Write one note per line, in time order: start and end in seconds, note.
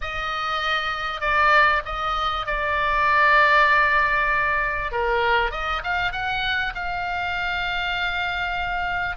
0.01 1.21 D#5
1.21 1.82 D5
1.85 2.46 D#5
2.46 4.91 D5
4.91 5.51 A#4
5.51 5.82 D#5
5.83 6.12 F5
6.12 6.73 F#5
6.74 9.16 F5